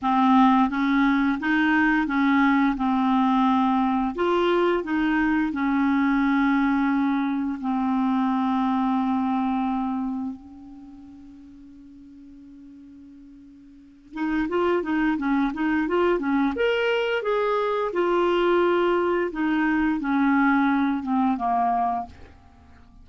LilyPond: \new Staff \with { instrumentName = "clarinet" } { \time 4/4 \tempo 4 = 87 c'4 cis'4 dis'4 cis'4 | c'2 f'4 dis'4 | cis'2. c'4~ | c'2. cis'4~ |
cis'1~ | cis'8 dis'8 f'8 dis'8 cis'8 dis'8 f'8 cis'8 | ais'4 gis'4 f'2 | dis'4 cis'4. c'8 ais4 | }